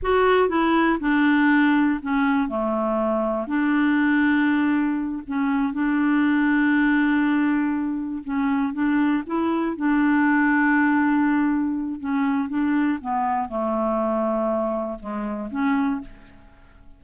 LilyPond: \new Staff \with { instrumentName = "clarinet" } { \time 4/4 \tempo 4 = 120 fis'4 e'4 d'2 | cis'4 a2 d'4~ | d'2~ d'8 cis'4 d'8~ | d'1~ |
d'8 cis'4 d'4 e'4 d'8~ | d'1 | cis'4 d'4 b4 a4~ | a2 gis4 cis'4 | }